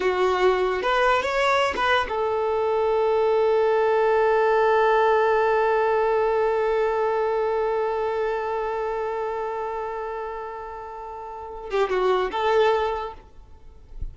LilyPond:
\new Staff \with { instrumentName = "violin" } { \time 4/4 \tempo 4 = 146 fis'2 b'4 cis''4~ | cis''16 b'8. a'2.~ | a'1~ | a'1~ |
a'1~ | a'1~ | a'1~ | a'8 g'8 fis'4 a'2 | }